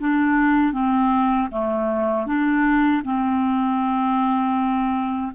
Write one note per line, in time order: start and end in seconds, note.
0.00 0.73 D4
0.73 1.49 C4
1.52 2.27 A3
2.27 3.03 D4
3.04 5.32 C4